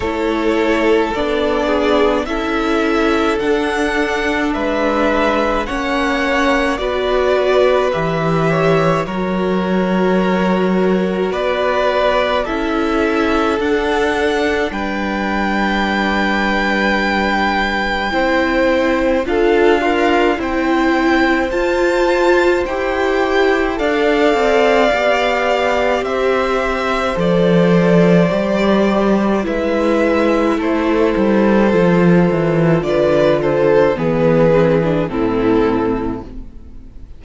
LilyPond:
<<
  \new Staff \with { instrumentName = "violin" } { \time 4/4 \tempo 4 = 53 cis''4 d''4 e''4 fis''4 | e''4 fis''4 d''4 e''4 | cis''2 d''4 e''4 | fis''4 g''2.~ |
g''4 f''4 g''4 a''4 | g''4 f''2 e''4 | d''2 e''4 c''4~ | c''4 d''8 c''8 b'4 a'4 | }
  \new Staff \with { instrumentName = "violin" } { \time 4/4 a'4. gis'8 a'2 | b'4 cis''4 b'4. cis''8 | ais'2 b'4 a'4~ | a'4 b'2. |
c''4 a'8 f'8 c''2~ | c''4 d''2 c''4~ | c''2 b'4 a'4~ | a'4 b'8 a'8 gis'4 e'4 | }
  \new Staff \with { instrumentName = "viola" } { \time 4/4 e'4 d'4 e'4 d'4~ | d'4 cis'4 fis'4 g'4 | fis'2. e'4 | d'1 |
e'4 f'8 ais'8 e'4 f'4 | g'4 a'4 g'2 | a'4 g'4 e'2 | f'2 b8 c'16 d'16 c'4 | }
  \new Staff \with { instrumentName = "cello" } { \time 4/4 a4 b4 cis'4 d'4 | gis4 ais4 b4 e4 | fis2 b4 cis'4 | d'4 g2. |
c'4 d'4 c'4 f'4 | e'4 d'8 c'8 b4 c'4 | f4 g4 gis4 a8 g8 | f8 e8 d4 e4 a,4 | }
>>